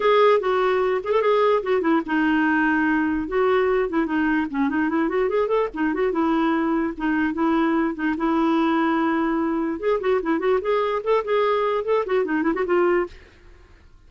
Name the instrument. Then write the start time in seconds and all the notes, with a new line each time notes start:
clarinet
0.00 G#4
0.40 F#4
1.03 G#4
1.11 A4
1.21 G#4
1.62 F#4
1.81 E4
2.06 D#4
3.28 F#4
3.89 E4
4.05 D#4
4.50 C#4
4.69 D#4
4.89 E4
5.09 F#4
5.29 G#4
5.47 A4
5.74 D#4
5.94 F#4
6.12 E4
6.97 D#4
7.33 E4
7.94 D#4
8.17 E4
9.79 G#4
10.00 F#4
10.22 E4
10.39 F#4
10.61 G#4
11.03 A4
11.24 G#4
11.84 A4
12.05 F#4
12.24 D#4
12.42 E4
12.54 F#4
12.65 F4